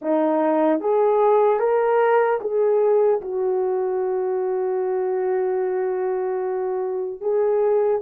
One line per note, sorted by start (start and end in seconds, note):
0.01 0.80 D#4
0.80 1.59 G#4
1.59 2.39 A#4
2.40 3.20 G#4
3.21 7.20 F#4
7.20 8.00 G#4